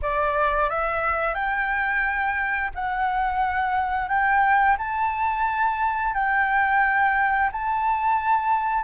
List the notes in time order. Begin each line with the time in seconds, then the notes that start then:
0.02 D5
0.69 E5
1.34 G5
2.75 F#5
4.08 G5
4.77 A5
6.14 G5
7.52 A5